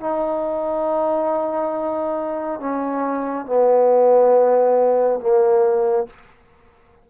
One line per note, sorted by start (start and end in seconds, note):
0.00 2.60 D#4
2.60 3.46 C#4
3.46 5.20 B3
5.20 6.07 A#3